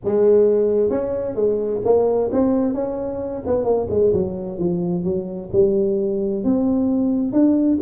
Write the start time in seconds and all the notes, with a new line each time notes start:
0.04 G#3
0.90 C#4
1.35 G#3
1.84 A#3
2.32 C4
2.74 C#4
3.46 B3
3.64 A#3
3.89 G#3
4.13 F#3
4.58 F3
5.04 F#3
5.52 G3
6.44 C4
7.32 D4